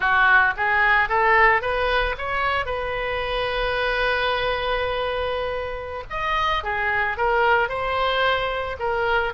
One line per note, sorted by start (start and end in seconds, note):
0.00 0.54 F#4
0.56 1.08 G#4
1.08 1.61 A4
1.61 2.15 B4
2.17 2.65 C#5
2.65 6.03 B4
6.09 6.63 D#5
6.63 7.17 G#4
7.17 7.68 A#4
7.68 8.76 C5
8.79 9.33 A#4